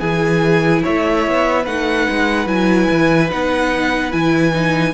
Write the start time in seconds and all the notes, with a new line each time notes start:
0.00 E3 E4 G#4 G#5
0.83 A3 C#5 E5
1.27 B3
1.63 A3 D#4 B4 F#5
2.09 G#3
2.46 F#3 E4 G#5
2.90 E3
3.29 B3 D#4 F#5
4.11 E3 E4 G#5
4.52 D#4